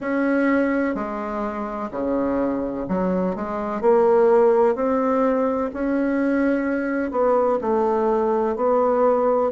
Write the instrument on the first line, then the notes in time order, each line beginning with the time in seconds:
bassoon
0.00 C#4
0.94 G#3
1.91 C#3
2.88 F#3
3.35 G#3
3.81 A#3
4.75 C4
5.73 C#4
7.11 B3
7.61 A3
8.55 B3